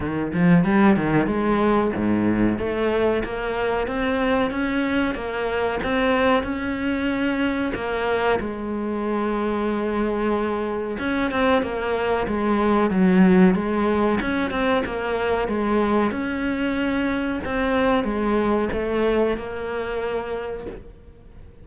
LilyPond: \new Staff \with { instrumentName = "cello" } { \time 4/4 \tempo 4 = 93 dis8 f8 g8 dis8 gis4 gis,4 | a4 ais4 c'4 cis'4 | ais4 c'4 cis'2 | ais4 gis2.~ |
gis4 cis'8 c'8 ais4 gis4 | fis4 gis4 cis'8 c'8 ais4 | gis4 cis'2 c'4 | gis4 a4 ais2 | }